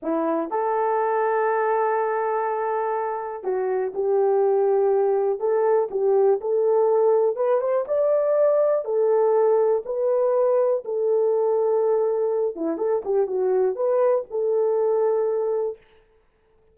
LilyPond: \new Staff \with { instrumentName = "horn" } { \time 4/4 \tempo 4 = 122 e'4 a'2.~ | a'2. fis'4 | g'2. a'4 | g'4 a'2 b'8 c''8 |
d''2 a'2 | b'2 a'2~ | a'4. e'8 a'8 g'8 fis'4 | b'4 a'2. | }